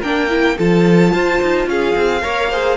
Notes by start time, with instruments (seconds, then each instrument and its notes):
0.00 cello A#3, viola D4, violin A#4 G5
0.29 viola E4
0.58 cello F3, viola F4, violin A4 A5
1.13 cello F4, violin C5
1.41 cello D#4
1.67 cello C#4, violin G#4 F5
1.96 cello C4
2.21 cello A#3, viola A#4, violin C#5
2.50 viola G#4, violin C5